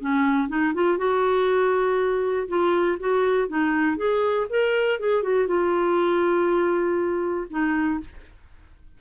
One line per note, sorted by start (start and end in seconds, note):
0.00 0.48 C#4
0.48 0.73 D#4
0.74 0.97 F4
0.97 2.48 F#4
2.48 2.98 F4
2.99 3.48 F#4
3.48 3.97 D#4
3.97 4.47 G#4
4.50 4.99 A#4
4.99 5.22 G#4
5.22 5.47 F#4
5.47 7.47 F4
7.50 8.00 D#4